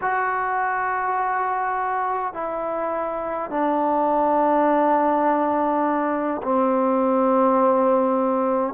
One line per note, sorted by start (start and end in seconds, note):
0.01 2.33 F#4
2.33 3.50 E4
3.50 6.41 D4
6.42 8.74 C4